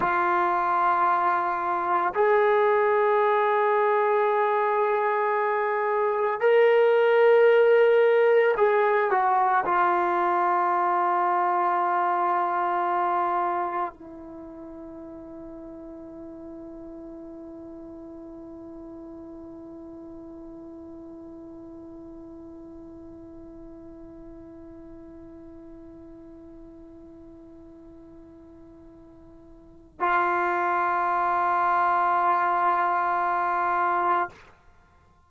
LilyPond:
\new Staff \with { instrumentName = "trombone" } { \time 4/4 \tempo 4 = 56 f'2 gis'2~ | gis'2 ais'2 | gis'8 fis'8 f'2.~ | f'4 e'2.~ |
e'1~ | e'1~ | e'1 | f'1 | }